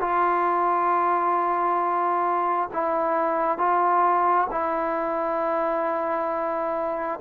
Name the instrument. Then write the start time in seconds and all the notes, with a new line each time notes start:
trombone
0.00 F4
2.73 E4
3.58 F4
4.50 E4